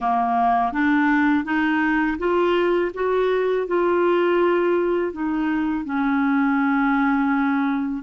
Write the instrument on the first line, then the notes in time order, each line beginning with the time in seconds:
clarinet
0.00 A#3
0.72 D4
1.44 D#4
2.18 F4
2.94 F#4
3.67 F4
5.12 D#4
5.84 C#4